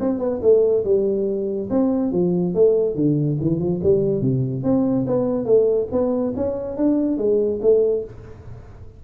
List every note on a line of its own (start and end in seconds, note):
0.00 0.19 C4
0.19 0.40 B3
0.42 0.84 A3
0.84 1.69 G3
1.70 2.12 C4
2.12 2.54 F3
2.55 2.95 A3
2.95 3.37 D3
3.41 3.60 E3
3.60 3.81 F3
3.83 4.21 G3
4.21 4.63 C3
4.63 5.06 C4
5.07 5.45 B3
5.45 5.88 A3
5.92 6.34 B3
6.36 6.77 C#4
6.77 7.18 D4
7.18 7.60 G#3
7.62 8.04 A3